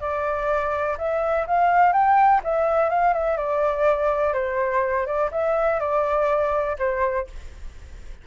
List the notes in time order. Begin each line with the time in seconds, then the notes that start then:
0.00 D5
0.97 E5
1.47 F5
1.92 G5
2.43 E5
2.89 F5
3.13 E5
3.37 D5
4.33 C5
5.06 D5
5.31 E5
5.79 D5
6.78 C5